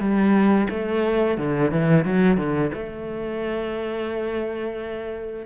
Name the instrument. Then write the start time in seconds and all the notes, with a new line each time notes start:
cello
0.00 G3
0.70 A3
1.38 D3
1.71 E3
2.05 F#3
2.38 D3
2.74 A3